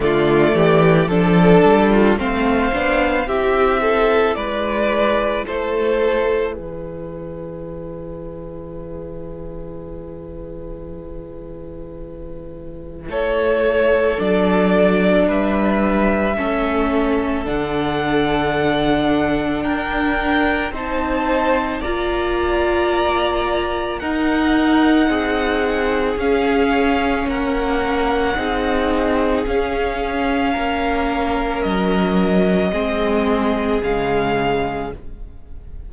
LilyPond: <<
  \new Staff \with { instrumentName = "violin" } { \time 4/4 \tempo 4 = 55 d''4 a'4 f''4 e''4 | d''4 c''4 b'2~ | b'1 | cis''4 d''4 e''2 |
fis''2 g''4 a''4 | ais''2 fis''2 | f''4 fis''2 f''4~ | f''4 dis''2 f''4 | }
  \new Staff \with { instrumentName = "violin" } { \time 4/4 f'8 g'8 a'8. f'16 c''4 g'8 a'8 | b'4 a'4 gis'2~ | gis'1 | a'2 b'4 a'4~ |
a'2 ais'4 c''4 | d''2 ais'4 gis'4~ | gis'4 ais'4 gis'2 | ais'2 gis'2 | }
  \new Staff \with { instrumentName = "viola" } { \time 4/4 a4 d'4 c'8 d'8 e'4~ | e'1~ | e'1~ | e'4 d'2 cis'4 |
d'2. dis'4 | f'2 dis'2 | cis'2 dis'4 cis'4~ | cis'2 c'4 gis4 | }
  \new Staff \with { instrumentName = "cello" } { \time 4/4 d8 e8 f8 g8 a8 b8 c'4 | gis4 a4 e2~ | e1 | a4 fis4 g4 a4 |
d2 d'4 c'4 | ais2 dis'4 c'4 | cis'4 ais4 c'4 cis'4 | ais4 fis4 gis4 cis4 | }
>>